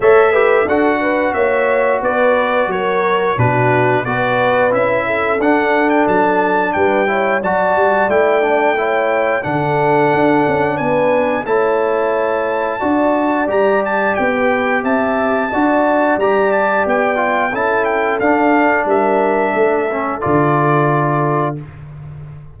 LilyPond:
<<
  \new Staff \with { instrumentName = "trumpet" } { \time 4/4 \tempo 4 = 89 e''4 fis''4 e''4 d''4 | cis''4 b'4 d''4 e''4 | fis''8. g''16 a''4 g''4 a''4 | g''2 fis''2 |
gis''4 a''2. | ais''8 a''8 g''4 a''2 | ais''8 a''8 g''4 a''8 g''8 f''4 | e''2 d''2 | }
  \new Staff \with { instrumentName = "horn" } { \time 4/4 cis''8 b'8 a'8 b'8 cis''4 b'4 | ais'4 fis'4 b'4. a'8~ | a'2 b'8 cis''8 d''4~ | d''4 cis''4 a'2 |
b'4 cis''2 d''4~ | d''4~ d''16 b'8. e''4 d''4~ | d''2 a'2 | ais'4 a'2. | }
  \new Staff \with { instrumentName = "trombone" } { \time 4/4 a'8 g'8 fis'2.~ | fis'4 d'4 fis'4 e'4 | d'2~ d'8 e'8 fis'4 | e'8 d'8 e'4 d'2~ |
d'4 e'2 fis'4 | g'2. fis'4 | g'4. f'8 e'4 d'4~ | d'4. cis'8 f'2 | }
  \new Staff \with { instrumentName = "tuba" } { \time 4/4 a4 d'4 ais4 b4 | fis4 b,4 b4 cis'4 | d'4 fis4 g4 fis8 g8 | a2 d4 d'8 cis'8 |
b4 a2 d'4 | g4 b4 c'4 d'4 | g4 b4 cis'4 d'4 | g4 a4 d2 | }
>>